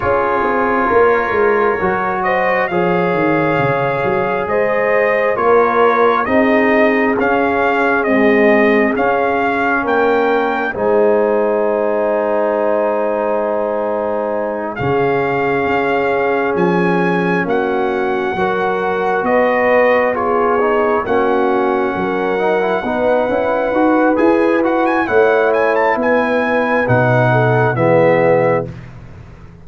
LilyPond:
<<
  \new Staff \with { instrumentName = "trumpet" } { \time 4/4 \tempo 4 = 67 cis''2~ cis''8 dis''8 f''4~ | f''4 dis''4 cis''4 dis''4 | f''4 dis''4 f''4 g''4 | gis''1~ |
gis''8 f''2 gis''4 fis''8~ | fis''4. dis''4 cis''4 fis''8~ | fis''2. gis''8 fis''16 gis''16 | fis''8 gis''16 a''16 gis''4 fis''4 e''4 | }
  \new Staff \with { instrumentName = "horn" } { \time 4/4 gis'4 ais'4. c''8 cis''4~ | cis''4 c''4 ais'4 gis'4~ | gis'2. ais'4 | c''1~ |
c''8 gis'2. fis'8~ | fis'8 ais'4 b'4 gis'4 fis'8~ | fis'8 ais'4 b'2~ b'8 | cis''4 b'4. a'8 gis'4 | }
  \new Staff \with { instrumentName = "trombone" } { \time 4/4 f'2 fis'4 gis'4~ | gis'2 f'4 dis'4 | cis'4 gis4 cis'2 | dis'1~ |
dis'8 cis'2.~ cis'8~ | cis'8 fis'2 f'8 dis'8 cis'8~ | cis'4 dis'16 e'16 dis'8 e'8 fis'8 gis'8 fis'8 | e'2 dis'4 b4 | }
  \new Staff \with { instrumentName = "tuba" } { \time 4/4 cis'8 c'8 ais8 gis8 fis4 f8 dis8 | cis8 fis8 gis4 ais4 c'4 | cis'4 c'4 cis'4 ais4 | gis1~ |
gis8 cis4 cis'4 f4 ais8~ | ais8 fis4 b2 ais8~ | ais8 fis4 b8 cis'8 dis'8 e'4 | a4 b4 b,4 e4 | }
>>